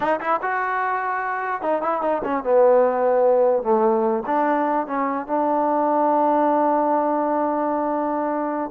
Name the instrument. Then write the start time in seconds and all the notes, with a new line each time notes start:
trombone
0.00 D#4
0.20 E4
0.42 F#4
1.61 D#4
1.81 E4
2.01 D#4
2.24 C#4
2.43 B3
3.63 A3
4.26 D4
4.86 C#4
5.26 D4